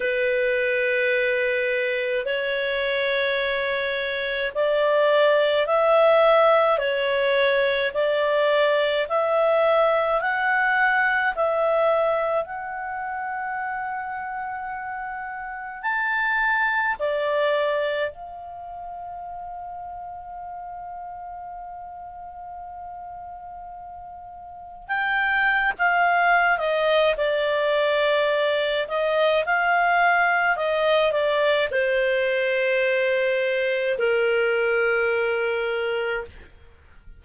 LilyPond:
\new Staff \with { instrumentName = "clarinet" } { \time 4/4 \tempo 4 = 53 b'2 cis''2 | d''4 e''4 cis''4 d''4 | e''4 fis''4 e''4 fis''4~ | fis''2 a''4 d''4 |
f''1~ | f''2 g''8. f''8. dis''8 | d''4. dis''8 f''4 dis''8 d''8 | c''2 ais'2 | }